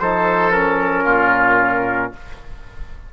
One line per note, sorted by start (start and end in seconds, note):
0.00 1.06 F3
0.00 0.53 D#4
0.00 1.05 A4
0.00 0.52 C5
0.52 2.13 C#4
0.52 2.13 A#4
1.05 2.13 A#2
1.05 2.12 F4